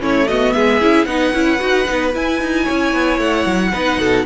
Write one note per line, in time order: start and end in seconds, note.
0.00 0.54 A3
0.00 0.27 C#4
0.00 0.27 E4
0.00 0.27 C#5
0.27 0.80 B3
0.27 0.54 F#4
0.27 0.52 D#5
0.52 0.82 G#3
0.52 1.07 G#4
0.52 1.05 E5
0.80 1.06 C#4
0.80 1.07 E4
1.05 1.32 B3
1.05 1.33 D#4
1.05 2.63 B4
1.05 2.11 F#5
1.33 1.60 C#4
1.33 1.58 E4
1.58 1.87 D#4
1.58 1.85 F#4
1.86 2.15 B3
1.86 2.12 D#4
2.13 3.72 E4
2.13 2.41 E4
2.13 3.19 G#5
2.41 2.67 D#4
2.63 2.93 C#4
2.63 3.70 C#5
2.93 3.18 B3
3.18 3.45 A3
3.18 4.25 F#5
3.46 3.72 F#3
3.73 3.97 B3
3.73 4.26 D#4
3.73 3.99 B4
3.97 4.24 B2
3.97 4.25 A4